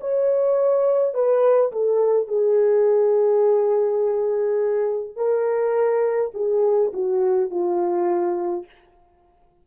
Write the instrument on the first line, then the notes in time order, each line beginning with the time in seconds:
horn
0.00 C#5
1.14 B4
1.72 A4
2.27 G#4
5.16 A#4
6.34 G#4
6.93 F#4
7.50 F4